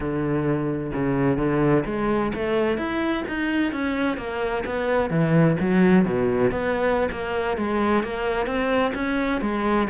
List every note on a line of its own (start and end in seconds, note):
0.00 0.92 D3
0.93 1.37 C#3
1.37 1.84 D3
1.85 2.32 G#3
2.34 2.77 A3
2.77 3.24 E4
3.27 3.72 D#4
3.72 4.17 C#4
4.17 4.63 A#3
4.65 5.10 B3
5.10 5.56 E3
5.59 6.05 F#3
6.05 6.51 B2
6.51 7.09 B3
7.11 7.57 A#3
7.57 8.03 G#3
8.03 8.46 A#3
8.46 8.93 C4
8.94 9.41 C#4
9.41 9.87 G#3